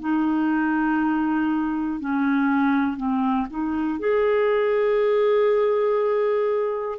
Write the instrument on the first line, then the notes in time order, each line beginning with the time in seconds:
clarinet
0.00 D#4
2.00 C#4
2.97 C4
3.50 D#4
3.99 G#4